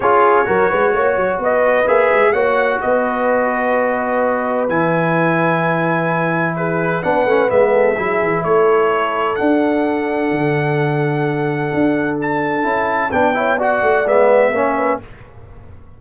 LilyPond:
<<
  \new Staff \with { instrumentName = "trumpet" } { \time 4/4 \tempo 4 = 128 cis''2. dis''4 | e''4 fis''4 dis''2~ | dis''2 gis''2~ | gis''2 b'4 fis''4 |
e''2 cis''2 | fis''1~ | fis''2 a''2 | g''4 fis''4 e''2 | }
  \new Staff \with { instrumentName = "horn" } { \time 4/4 gis'4 ais'8 b'8 cis''4 b'4~ | b'4 cis''4 b'2~ | b'1~ | b'2 gis'4 b'4~ |
b'8 a'8 gis'4 a'2~ | a'1~ | a'1 | b'8 cis''8 d''2 cis''8 b'8 | }
  \new Staff \with { instrumentName = "trombone" } { \time 4/4 f'4 fis'2. | gis'4 fis'2.~ | fis'2 e'2~ | e'2. d'8 cis'8 |
b4 e'2. | d'1~ | d'2. e'4 | d'8 e'8 fis'4 b4 cis'4 | }
  \new Staff \with { instrumentName = "tuba" } { \time 4/4 cis'4 fis8 gis8 ais8 fis8 b4 | ais8 gis8 ais4 b2~ | b2 e2~ | e2. b8 a8 |
gis4 fis8 e8 a2 | d'2 d2~ | d4 d'2 cis'4 | b4. a8 gis4 ais4 | }
>>